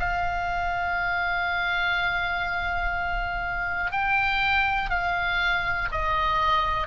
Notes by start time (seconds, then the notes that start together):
0.00 F5
3.92 G5
4.90 F5
5.92 D#5